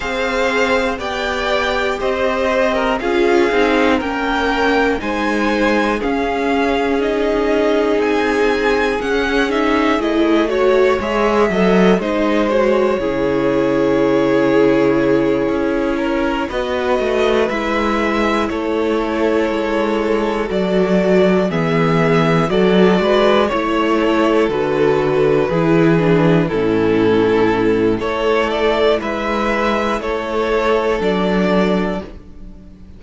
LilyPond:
<<
  \new Staff \with { instrumentName = "violin" } { \time 4/4 \tempo 4 = 60 f''4 g''4 dis''4 f''4 | g''4 gis''4 f''4 dis''4 | gis''4 fis''8 e''8 dis''8 cis''8 e''4 | dis''8 cis''2.~ cis''8~ |
cis''8 dis''4 e''4 cis''4.~ | cis''8 d''4 e''4 d''4 cis''8~ | cis''8 b'2 a'4. | cis''8 d''8 e''4 cis''4 d''4 | }
  \new Staff \with { instrumentName = "violin" } { \time 4/4 c''4 d''4 c''8. ais'16 gis'4 | ais'4 c''4 gis'2~ | gis'2~ gis'8 cis''4 dis''8 | c''4 gis'2. |
ais'8 b'2 a'4.~ | a'4. gis'4 a'8 b'8 cis''8 | a'4. gis'4 e'4. | a'4 b'4 a'2 | }
  \new Staff \with { instrumentName = "viola" } { \time 4/4 gis'4 g'2 f'8 dis'8 | cis'4 dis'4 cis'4 dis'4~ | dis'4 cis'8 dis'8 e'8 fis'8 gis'8 a'8 | dis'8 fis'8 e'2.~ |
e'8 fis'4 e'2~ e'8~ | e'8 fis'4 b4 fis'4 e'8~ | e'8 fis'4 e'8 d'8 cis'4. | e'2. d'4 | }
  \new Staff \with { instrumentName = "cello" } { \time 4/4 c'4 b4 c'4 cis'8 c'8 | ais4 gis4 cis'2 | c'4 cis'4 a4 gis8 fis8 | gis4 cis2~ cis8 cis'8~ |
cis'8 b8 a8 gis4 a4 gis8~ | gis8 fis4 e4 fis8 gis8 a8~ | a8 d4 e4 a,4. | a4 gis4 a4 fis4 | }
>>